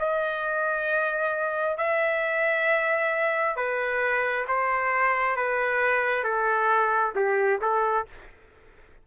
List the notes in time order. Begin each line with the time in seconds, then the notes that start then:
0.00 D#5
1.78 E5
3.57 B4
4.49 C5
5.36 B4
6.24 A4
7.16 G4
7.62 A4